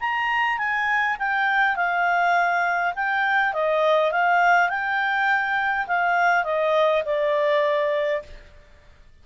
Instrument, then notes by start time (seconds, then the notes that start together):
clarinet
0.00 A#5
0.58 G#5
1.19 G5
1.76 F5
2.95 G5
3.53 D#5
4.12 F5
4.69 G5
5.87 F5
6.44 D#5
7.05 D5